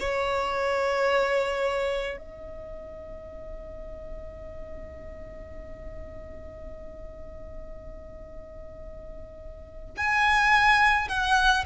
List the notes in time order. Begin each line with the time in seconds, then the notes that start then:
0.00 C#5
2.18 D#5
9.97 G#5
11.09 F#5